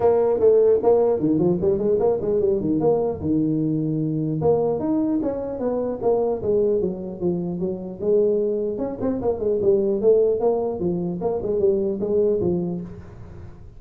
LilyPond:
\new Staff \with { instrumentName = "tuba" } { \time 4/4 \tempo 4 = 150 ais4 a4 ais4 dis8 f8 | g8 gis8 ais8 gis8 g8 dis8 ais4 | dis2. ais4 | dis'4 cis'4 b4 ais4 |
gis4 fis4 f4 fis4 | gis2 cis'8 c'8 ais8 gis8 | g4 a4 ais4 f4 | ais8 gis8 g4 gis4 f4 | }